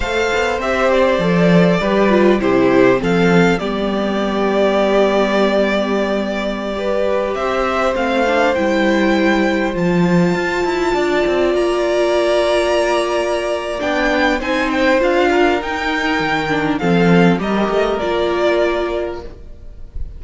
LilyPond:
<<
  \new Staff \with { instrumentName = "violin" } { \time 4/4 \tempo 4 = 100 f''4 e''8 d''2~ d''8 | c''4 f''4 d''2~ | d''1~ | d''16 e''4 f''4 g''4.~ g''16~ |
g''16 a''2. ais''8.~ | ais''2. g''4 | gis''8 g''8 f''4 g''2 | f''4 dis''4 d''2 | }
  \new Staff \with { instrumentName = "violin" } { \time 4/4 c''2. b'4 | g'4 a'4 g'2~ | g'2.~ g'16 b'8.~ | b'16 c''2.~ c''8.~ |
c''2~ c''16 d''4.~ d''16~ | d''1 | c''4. ais'2~ ais'8 | a'4 ais'2. | }
  \new Staff \with { instrumentName = "viola" } { \time 4/4 a'4 g'4 a'4 g'8 f'8 | e'4 c'4 b2~ | b2.~ b16 g'8.~ | g'4~ g'16 c'8 d'8 e'4.~ e'16~ |
e'16 f'2.~ f'8.~ | f'2. d'4 | dis'4 f'4 dis'4. d'8 | c'4 g'4 f'2 | }
  \new Staff \with { instrumentName = "cello" } { \time 4/4 a8 b8 c'4 f4 g4 | c4 f4 g2~ | g1~ | g16 c'4 a4 g4.~ g16~ |
g16 f4 f'8 e'8 d'8 c'8 ais8.~ | ais2. b4 | c'4 d'4 dis'4 dis4 | f4 g8 a8 ais2 | }
>>